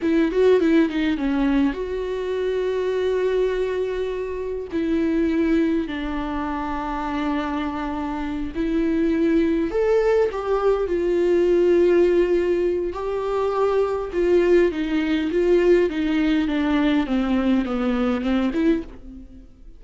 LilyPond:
\new Staff \with { instrumentName = "viola" } { \time 4/4 \tempo 4 = 102 e'8 fis'8 e'8 dis'8 cis'4 fis'4~ | fis'1 | e'2 d'2~ | d'2~ d'8 e'4.~ |
e'8 a'4 g'4 f'4.~ | f'2 g'2 | f'4 dis'4 f'4 dis'4 | d'4 c'4 b4 c'8 e'8 | }